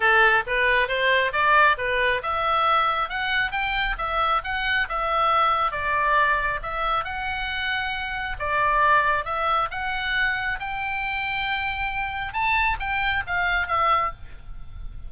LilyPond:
\new Staff \with { instrumentName = "oboe" } { \time 4/4 \tempo 4 = 136 a'4 b'4 c''4 d''4 | b'4 e''2 fis''4 | g''4 e''4 fis''4 e''4~ | e''4 d''2 e''4 |
fis''2. d''4~ | d''4 e''4 fis''2 | g''1 | a''4 g''4 f''4 e''4 | }